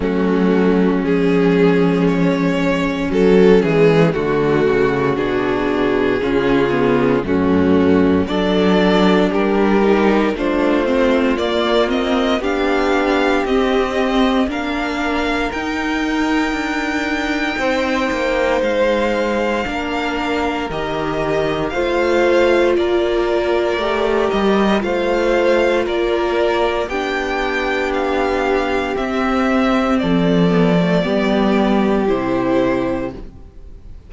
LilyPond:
<<
  \new Staff \with { instrumentName = "violin" } { \time 4/4 \tempo 4 = 58 fis'4 gis'4 cis''4 a'8 gis'8 | fis'4 gis'2 fis'4 | d''4 ais'4 c''4 d''8 dis''8 | f''4 dis''4 f''4 g''4~ |
g''2 f''2 | dis''4 f''4 d''4. dis''8 | f''4 d''4 g''4 f''4 | e''4 d''2 c''4 | }
  \new Staff \with { instrumentName = "violin" } { \time 4/4 cis'1 | fis'2 f'4 cis'4 | a'4 g'4 f'2 | g'2 ais'2~ |
ais'4 c''2 ais'4~ | ais'4 c''4 ais'2 | c''4 ais'4 g'2~ | g'4 a'4 g'2 | }
  \new Staff \with { instrumentName = "viola" } { \time 4/4 a4 gis2 fis8 gis8 | a4 d'4 cis'8 b8 a4 | d'4. dis'8 d'8 c'8 ais8 c'8 | d'4 c'4 d'4 dis'4~ |
dis'2. d'4 | g'4 f'2 g'4 | f'2 d'2 | c'4. b16 a16 b4 e'4 | }
  \new Staff \with { instrumentName = "cello" } { \time 4/4 fis4 f2 fis8 e8 | d8 cis8 b,4 cis4 fis,4 | fis4 g4 a4 ais4 | b4 c'4 ais4 dis'4 |
d'4 c'8 ais8 gis4 ais4 | dis4 a4 ais4 a8 g8 | a4 ais4 b2 | c'4 f4 g4 c4 | }
>>